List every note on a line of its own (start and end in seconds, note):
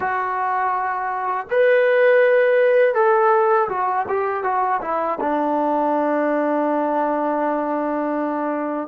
0.00 1.46 F#4
1.50 2.94 B4
2.94 3.68 A4
3.68 4.06 F#4
4.08 4.43 G4
4.43 4.80 F#4
4.81 5.19 E4
5.20 8.88 D4